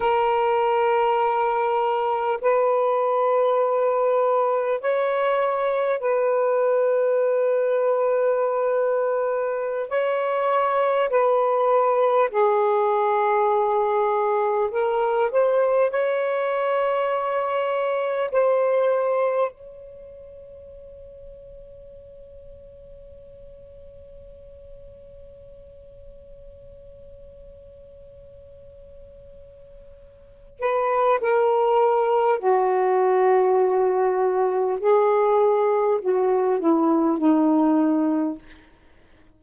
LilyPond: \new Staff \with { instrumentName = "saxophone" } { \time 4/4 \tempo 4 = 50 ais'2 b'2 | cis''4 b'2.~ | b'16 cis''4 b'4 gis'4.~ gis'16~ | gis'16 ais'8 c''8 cis''2 c''8.~ |
c''16 cis''2.~ cis''8.~ | cis''1~ | cis''4. b'8 ais'4 fis'4~ | fis'4 gis'4 fis'8 e'8 dis'4 | }